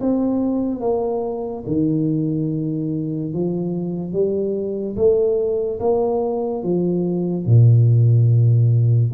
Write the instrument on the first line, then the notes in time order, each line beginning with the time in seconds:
tuba
0.00 C4
0.81 A#3
1.67 D#3
3.33 F3
4.12 G3
4.96 A3
5.80 A#3
6.63 F3
7.46 A#2